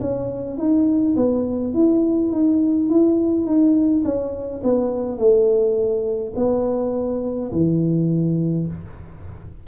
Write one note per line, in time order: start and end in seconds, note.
0.00 0.57 C#4
0.57 1.15 D#4
1.16 1.74 B3
1.74 2.31 E4
2.31 2.89 D#4
2.89 3.46 E4
3.46 4.03 D#4
4.04 4.62 C#4
4.63 5.18 B3
5.18 6.33 A3
6.36 7.51 B3
7.52 8.67 E3